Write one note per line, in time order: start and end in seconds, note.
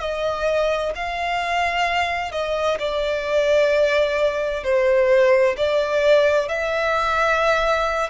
0.00 0.92 D#5
0.95 2.32 F5
2.32 2.78 D#5
2.79 4.64 D5
4.64 5.56 C5
5.57 6.48 D5
6.48 8.10 E5